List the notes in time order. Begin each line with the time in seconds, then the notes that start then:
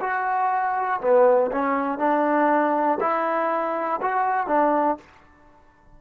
0.00 F#4
1.00 B3
1.51 C#4
1.98 D4
3.00 E4
4.01 F#4
4.47 D4